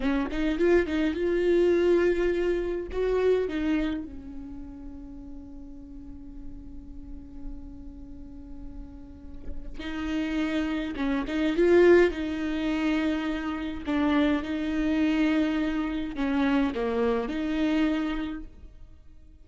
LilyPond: \new Staff \with { instrumentName = "viola" } { \time 4/4 \tempo 4 = 104 cis'8 dis'8 f'8 dis'8 f'2~ | f'4 fis'4 dis'4 cis'4~ | cis'1~ | cis'1~ |
cis'4 dis'2 cis'8 dis'8 | f'4 dis'2. | d'4 dis'2. | cis'4 ais4 dis'2 | }